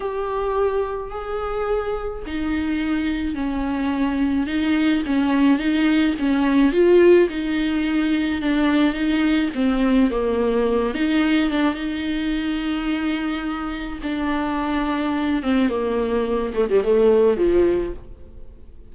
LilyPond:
\new Staff \with { instrumentName = "viola" } { \time 4/4 \tempo 4 = 107 g'2 gis'2 | dis'2 cis'2 | dis'4 cis'4 dis'4 cis'4 | f'4 dis'2 d'4 |
dis'4 c'4 ais4. dis'8~ | dis'8 d'8 dis'2.~ | dis'4 d'2~ d'8 c'8 | ais4. a16 g16 a4 f4 | }